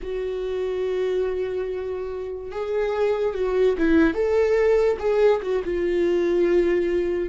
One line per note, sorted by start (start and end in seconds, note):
0.02 2.52 F#4
2.52 3.34 G#4
3.34 3.75 F#4
3.77 4.14 E4
4.14 4.97 A4
4.98 5.40 G#4
5.42 5.62 F#4
5.64 7.29 F4